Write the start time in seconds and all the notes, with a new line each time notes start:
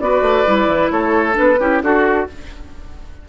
0.00 B3 F#4 B4 D5
0.22 A3
0.45 G3 E4
0.67 E3
0.91 A3 A4 C#5
1.32 D4 B4
1.39 B3
1.59 C#4 E4 G4
1.82 D4 F#4 A4